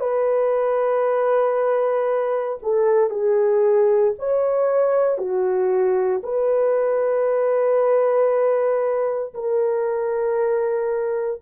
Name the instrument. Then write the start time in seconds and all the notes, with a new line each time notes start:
horn
0.00 B4
2.62 A4
3.10 G#4
4.19 C#5
5.18 F#4
6.24 B4
9.34 A#4